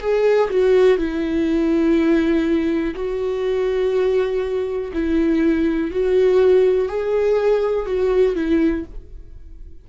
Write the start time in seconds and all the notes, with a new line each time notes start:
0.00 G#4
0.50 F#4
0.97 E4
2.95 F#4
4.93 E4
5.91 F#4
6.88 G#4
7.86 F#4
8.35 E4